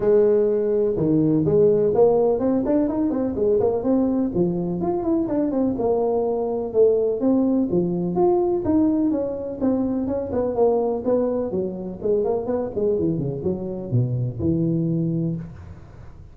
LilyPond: \new Staff \with { instrumentName = "tuba" } { \time 4/4 \tempo 4 = 125 gis2 dis4 gis4 | ais4 c'8 d'8 dis'8 c'8 gis8 ais8 | c'4 f4 f'8 e'8 d'8 c'8 | ais2 a4 c'4 |
f4 f'4 dis'4 cis'4 | c'4 cis'8 b8 ais4 b4 | fis4 gis8 ais8 b8 gis8 e8 cis8 | fis4 b,4 e2 | }